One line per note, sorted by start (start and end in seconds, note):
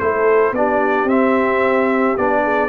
0.00 0.52 A3
0.00 0.55 E4
0.00 0.55 A4
0.00 0.55 C5
0.52 1.05 B3
0.52 1.09 D4
0.52 2.43 G4
0.52 1.09 D5
1.05 2.14 C4
1.05 2.18 C4
1.05 2.18 E5
2.18 2.69 B3
2.18 2.69 D4
2.18 2.69 D5
2.43 2.69 G#4